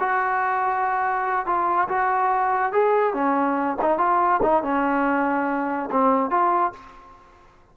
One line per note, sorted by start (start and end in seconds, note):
0.00 1.46 F#4
1.46 1.89 F4
1.89 2.73 F#4
2.73 3.14 G#4
3.14 3.77 C#4
3.82 3.99 D#4
3.99 4.41 F4
4.43 4.63 D#4
4.63 5.90 C#4
5.92 6.31 C4
6.31 6.73 F4